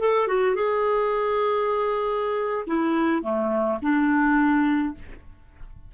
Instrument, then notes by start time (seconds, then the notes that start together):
clarinet
0.00 A4
0.28 F#4
0.56 G#4
2.67 E4
3.23 A3
3.82 D4